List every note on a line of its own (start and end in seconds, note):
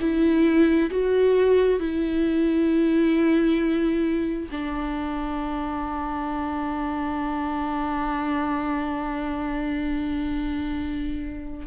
0.00 0.90 E4
0.90 1.80 F#4
1.80 4.48 E4
4.51 11.66 D4